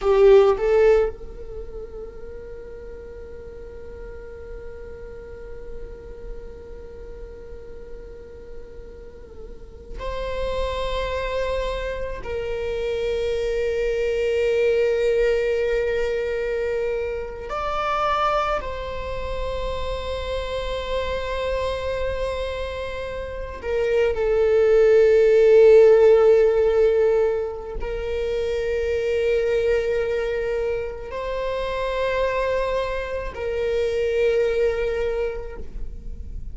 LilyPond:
\new Staff \with { instrumentName = "viola" } { \time 4/4 \tempo 4 = 54 g'8 a'8 ais'2.~ | ais'1~ | ais'4 c''2 ais'4~ | ais'2.~ ais'8. d''16~ |
d''8. c''2.~ c''16~ | c''4~ c''16 ais'8 a'2~ a'16~ | a'4 ais'2. | c''2 ais'2 | }